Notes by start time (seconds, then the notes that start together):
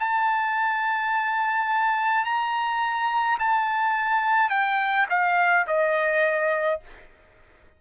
0.00 A5
2.25 A#5
3.40 A5
4.50 G5
5.09 F5
5.68 D#5